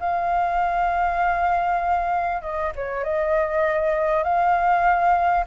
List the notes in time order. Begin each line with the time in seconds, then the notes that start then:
0.00 F5
2.42 D#5
2.75 C#5
3.04 D#5
4.24 F5